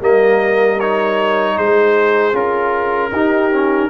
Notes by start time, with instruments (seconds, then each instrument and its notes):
0.00 tuba G3, trombone A#3, horn A#4, trumpet D#5
0.80 trombone D#4, trumpet C#5
1.57 tuba G#3, horn G#4, trumpet C5
2.32 tuba C#4, trombone F4, trumpet A#4
3.11 tuba D#4, trombone D#4, horn G4
3.52 trombone C#4